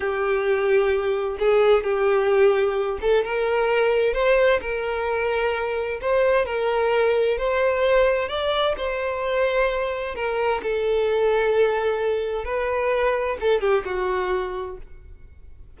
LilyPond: \new Staff \with { instrumentName = "violin" } { \time 4/4 \tempo 4 = 130 g'2. gis'4 | g'2~ g'8 a'8 ais'4~ | ais'4 c''4 ais'2~ | ais'4 c''4 ais'2 |
c''2 d''4 c''4~ | c''2 ais'4 a'4~ | a'2. b'4~ | b'4 a'8 g'8 fis'2 | }